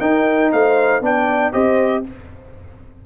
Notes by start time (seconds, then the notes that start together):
0.00 D#4 A#4 G5
0.52 A3 C5 F5
1.01 B3 D4 D5 G5
1.52 C4 G4 C5 D#5